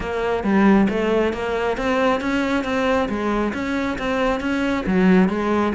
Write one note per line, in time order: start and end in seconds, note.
0.00 0.43 A#3
0.43 0.87 G3
0.89 1.33 A3
1.33 1.77 A#3
1.77 2.20 C4
2.20 2.64 C#4
2.64 3.08 C4
3.08 3.53 G#3
3.53 3.97 C#4
3.98 4.40 C4
4.40 4.84 C#4
4.86 5.28 F#3
5.28 5.72 G#3